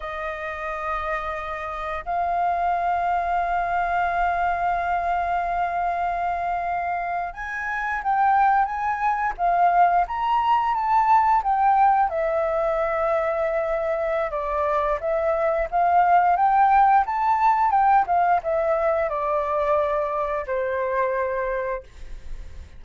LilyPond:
\new Staff \with { instrumentName = "flute" } { \time 4/4 \tempo 4 = 88 dis''2. f''4~ | f''1~ | f''2~ f''8. gis''4 g''16~ | g''8. gis''4 f''4 ais''4 a''16~ |
a''8. g''4 e''2~ e''16~ | e''4 d''4 e''4 f''4 | g''4 a''4 g''8 f''8 e''4 | d''2 c''2 | }